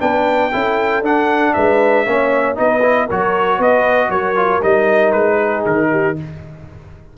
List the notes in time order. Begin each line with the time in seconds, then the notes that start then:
0.00 B3 D4 B4 G5
0.52 C#4 E4 A4
1.02 D4 F#5
1.54 G#3 B4 E5
2.06 A#3 C#4 C#5
2.56 B3 D#4 B4 D#5
2.83 E4
3.08 F#3 F#4 A#4 C#5
3.58 B3 B4 D#5
4.10 F#3 A#4 C#5
4.36 F4
4.63 G3 D#4 D#5
5.12 G#3 B4
5.36 G#4
5.66 D#3 A#4
5.91 G4